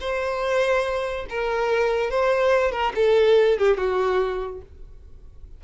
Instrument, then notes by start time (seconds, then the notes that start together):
violin
0.00 C5
1.29 A#4
2.10 C5
2.72 A#4
2.95 A4
3.58 G4
3.77 F#4